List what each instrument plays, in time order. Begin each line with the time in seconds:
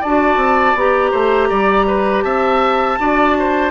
0.00 bassoon D4, clarinet F#4, oboe D5, flute A5
0.36 bassoon C4
0.75 bassoon B3, clarinet G4, flute A#5
1.11 bassoon A3, oboe C5
1.49 bassoon G3, oboe D5
1.87 oboe B4
2.22 bassoon C4, oboe E5, flute A5
2.99 bassoon D4, clarinet F#4, oboe D5
3.38 oboe C5